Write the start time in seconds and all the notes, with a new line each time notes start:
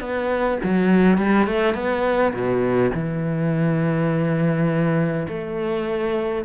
0.00 B3
0.63 F#3
1.18 G3
1.46 A3
1.74 B3
2.33 B2
2.94 E3
5.28 A3